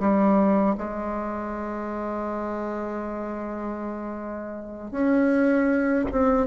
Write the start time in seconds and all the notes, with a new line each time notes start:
0.00 G3
0.78 G#3
4.92 C#4
6.11 C4